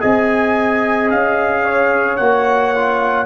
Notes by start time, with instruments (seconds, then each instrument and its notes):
0.00 tuba C4, trombone G#4, horn D#5, trumpet G#5
1.10 tuba C#4, trumpet F5
1.64 horn C#5
2.17 tuba A#3, trombone F#4, trumpet F#5
2.75 trombone F4